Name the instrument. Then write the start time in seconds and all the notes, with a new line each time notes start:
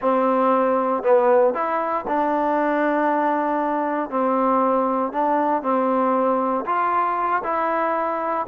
trombone
0.01 C4
1.03 B3
1.54 E4
2.07 D4
4.10 C4
5.12 D4
5.62 C4
6.65 F4
7.43 E4